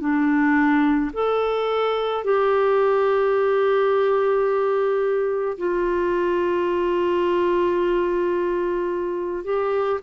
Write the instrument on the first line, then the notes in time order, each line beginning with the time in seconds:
clarinet
0.00 D4
1.14 A4
2.24 G4
5.58 F4
9.44 G4